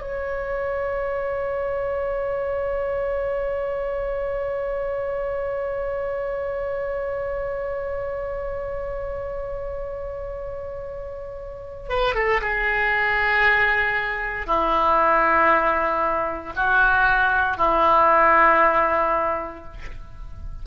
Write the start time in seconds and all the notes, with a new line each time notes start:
0.00 C#5
11.89 B4
12.15 A4
12.41 G#4
14.46 E4
16.56 F#4
17.57 E4